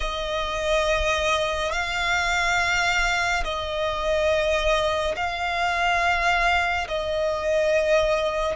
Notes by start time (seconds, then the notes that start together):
0.00 D#5
1.72 F5
3.44 D#5
5.16 F5
6.88 D#5